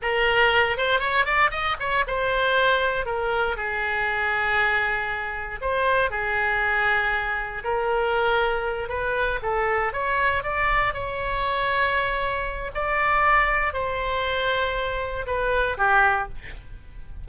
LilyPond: \new Staff \with { instrumentName = "oboe" } { \time 4/4 \tempo 4 = 118 ais'4. c''8 cis''8 d''8 dis''8 cis''8 | c''2 ais'4 gis'4~ | gis'2. c''4 | gis'2. ais'4~ |
ais'4. b'4 a'4 cis''8~ | cis''8 d''4 cis''2~ cis''8~ | cis''4 d''2 c''4~ | c''2 b'4 g'4 | }